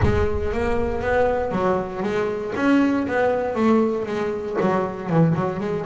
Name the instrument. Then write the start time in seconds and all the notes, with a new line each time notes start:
double bass
0.03 G#3
0.52 A#3
1.01 B3
1.51 F#3
2.02 G#3
2.56 C#4
3.07 B3
3.55 A3
4.05 G#3
4.60 F#3
5.09 E3
5.35 F#3
5.60 G#3